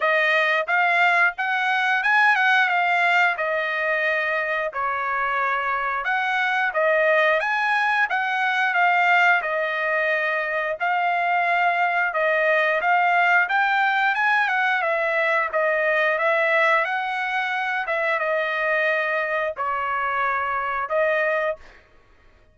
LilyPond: \new Staff \with { instrumentName = "trumpet" } { \time 4/4 \tempo 4 = 89 dis''4 f''4 fis''4 gis''8 fis''8 | f''4 dis''2 cis''4~ | cis''4 fis''4 dis''4 gis''4 | fis''4 f''4 dis''2 |
f''2 dis''4 f''4 | g''4 gis''8 fis''8 e''4 dis''4 | e''4 fis''4. e''8 dis''4~ | dis''4 cis''2 dis''4 | }